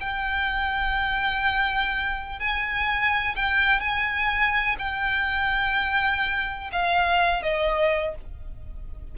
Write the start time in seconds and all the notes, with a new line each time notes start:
0.00 G5
2.39 G#5
3.36 G5
3.80 G#5
4.78 G5
6.72 F5
7.42 D#5